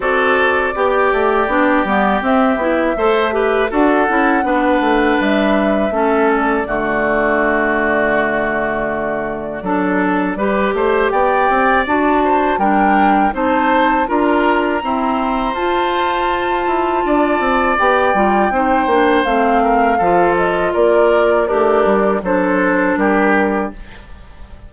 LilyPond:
<<
  \new Staff \with { instrumentName = "flute" } { \time 4/4 \tempo 4 = 81 d''2. e''4~ | e''4 fis''2 e''4~ | e''8 d''2.~ d''8~ | d''2. g''4 |
a''4 g''4 a''4 ais''4~ | ais''4 a''2. | g''2 f''4. dis''8 | d''4 ais'4 c''4 ais'4 | }
  \new Staff \with { instrumentName = "oboe" } { \time 4/4 a'4 g'2. | c''8 b'8 a'4 b'2 | a'4 fis'2.~ | fis'4 a'4 b'8 c''8 d''4~ |
d''8 c''8 ais'4 c''4 ais'4 | c''2. d''4~ | d''4 c''4. ais'8 a'4 | ais'4 d'4 a'4 g'4 | }
  \new Staff \with { instrumentName = "clarinet" } { \time 4/4 fis'4 g'4 d'8 b8 c'8 e'8 | a'8 g'8 fis'8 e'8 d'2 | cis'4 a2.~ | a4 d'4 g'2 |
fis'4 d'4 dis'4 f'4 | c'4 f'2. | g'8 f'8 dis'8 d'8 c'4 f'4~ | f'4 g'4 d'2 | }
  \new Staff \with { instrumentName = "bassoon" } { \time 4/4 c'4 b8 a8 b8 g8 c'8 b8 | a4 d'8 cis'8 b8 a8 g4 | a4 d2.~ | d4 fis4 g8 a8 b8 c'8 |
d'4 g4 c'4 d'4 | e'4 f'4. e'8 d'8 c'8 | b8 g8 c'8 ais8 a4 f4 | ais4 a8 g8 fis4 g4 | }
>>